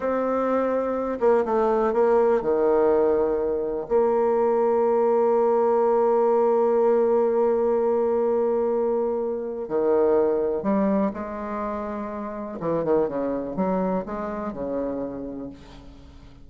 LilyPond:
\new Staff \with { instrumentName = "bassoon" } { \time 4/4 \tempo 4 = 124 c'2~ c'8 ais8 a4 | ais4 dis2. | ais1~ | ais1~ |
ais1 | dis2 g4 gis4~ | gis2 e8 dis8 cis4 | fis4 gis4 cis2 | }